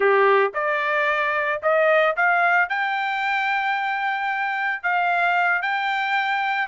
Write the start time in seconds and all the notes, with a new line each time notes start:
0.00 G4
0.54 D5
1.62 D#5
2.16 F5
2.69 G5
4.82 F5
5.62 G5